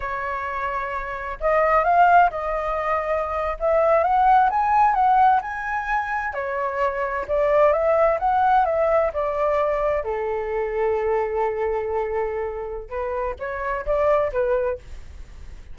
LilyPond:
\new Staff \with { instrumentName = "flute" } { \time 4/4 \tempo 4 = 130 cis''2. dis''4 | f''4 dis''2~ dis''8. e''16~ | e''8. fis''4 gis''4 fis''4 gis''16~ | gis''4.~ gis''16 cis''2 d''16~ |
d''8. e''4 fis''4 e''4 d''16~ | d''4.~ d''16 a'2~ a'16~ | a'1 | b'4 cis''4 d''4 b'4 | }